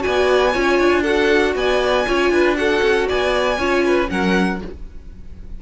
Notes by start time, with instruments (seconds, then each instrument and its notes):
0.00 viola F#4, violin D5 G#5
0.07 cello B3
0.53 cello C#4, viola F4, violin C#5
0.80 cello D4
1.02 viola F#4, violin A4 F#5
1.56 cello B3, violin D5 G#5
2.07 cello C#4, viola F4, violin C#5
2.31 cello D4, violin B4
2.56 viola F#4, violin A4 F#5
2.83 cello C#4
3.09 cello B3, violin D5 G#5
3.58 cello C#4, viola F4, violin C#5
3.86 violin B4
4.08 cello F#3, viola C#4, violin A#4 F#5